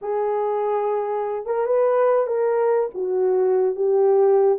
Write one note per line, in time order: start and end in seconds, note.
0.01 1.46 G#4
1.46 1.66 A#4
1.66 2.27 B4
2.27 2.89 A#4
2.94 3.75 F#4
3.75 4.59 G4